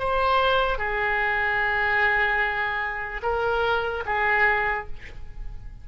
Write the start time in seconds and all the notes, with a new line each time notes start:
0.00 C5
0.79 G#4
3.23 A#4
4.06 G#4